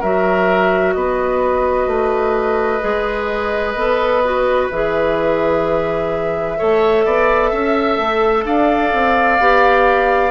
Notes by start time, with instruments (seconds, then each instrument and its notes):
0.00 bassoon F#3, clarinet F#4, oboe A#4, flute E5
0.93 bassoon B3, oboe B4, flute D#5
1.87 bassoon A3
2.81 bassoon G#3, clarinet G#4
3.75 bassoon B3, clarinet A4
4.24 clarinet F#4
4.71 bassoon E3, clarinet G#4, flute E5
6.58 bassoon A3, clarinet A4, oboe C#5
7.05 bassoon B3, oboe D5
7.51 bassoon C#4, oboe E5
7.98 bassoon A3
8.45 bassoon D4, oboe D5, flute F5
8.93 bassoon C4
9.39 bassoon B3, clarinet G4